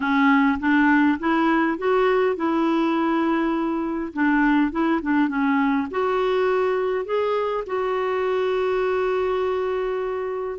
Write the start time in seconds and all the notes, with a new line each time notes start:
0.00 C#4
0.59 D4
1.19 E4
1.78 F#4
2.36 E4
4.13 D4
4.71 E4
5.02 D4
5.28 C#4
5.91 F#4
7.05 G#4
7.66 F#4